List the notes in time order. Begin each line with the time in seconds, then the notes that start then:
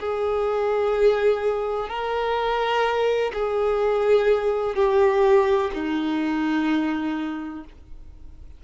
0.00 G#4
1.89 A#4
3.33 G#4
4.75 G4
5.74 D#4